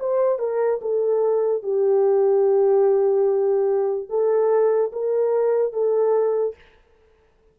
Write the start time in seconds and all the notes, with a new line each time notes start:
0.00 C5
0.39 A#4
0.82 A4
1.63 G4
4.09 A4
4.93 A#4
5.73 A4